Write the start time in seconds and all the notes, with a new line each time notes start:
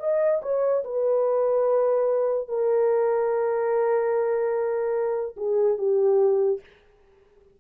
0.00 D#5
0.43 C#5
0.84 B4
2.48 A#4
5.37 G#4
5.78 G4